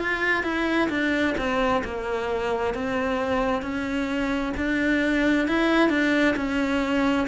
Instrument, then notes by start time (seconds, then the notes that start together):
cello
0.00 F4
0.44 E4
0.90 D4
1.38 C4
1.85 A#3
2.75 C4
3.63 C#4
4.57 D4
5.48 E4
5.90 D4
6.37 C#4